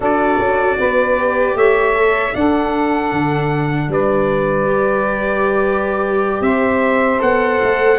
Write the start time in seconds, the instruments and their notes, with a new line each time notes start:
0.00 tuba D4, viola F#4, saxophone A4, trumpet D5
0.38 tuba C#4
0.78 tuba B3, saxophone B4
1.17 viola G4
1.54 tuba A3, saxophone C#5, trumpet E5
1.95 viola A4
2.33 viola D4, tuba D4, saxophone A4, trumpet F#5
3.12 tuba D3
3.88 tuba G3, saxophone B4, trumpet D5
4.65 viola G4
6.41 tuba C4, saxophone C5, trumpet E5
7.19 tuba B3, viola A4, trumpet F#5
7.62 tuba A3